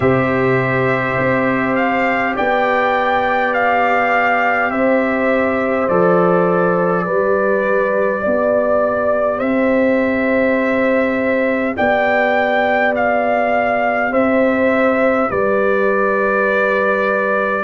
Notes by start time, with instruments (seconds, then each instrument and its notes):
0.00 tuba C3, trombone G4, horn C5, trumpet E5
1.17 tuba C4
1.75 trumpet F5
2.35 tuba B3, horn D5, trumpet G5
3.53 trumpet F5
4.70 tuba C4, horn C5, trumpet E5
5.88 tuba F3, trombone A4, trumpet D5
7.05 tuba G3, trombone G4, horn B4
8.21 tuba B3, horn D5
9.38 tuba C4, horn C5, trumpet E5
11.76 tuba B3, horn D5, trumpet G5
12.95 trumpet F5
14.11 tuba C4, horn C5, trumpet E5
15.30 tuba G3, horn B4, trumpet D5